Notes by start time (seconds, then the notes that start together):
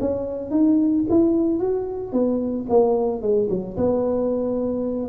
0.00 C#4
0.50 D#4
1.09 E4
1.60 F#4
2.12 B3
2.69 A#3
3.21 G#3
3.50 F#3
3.77 B3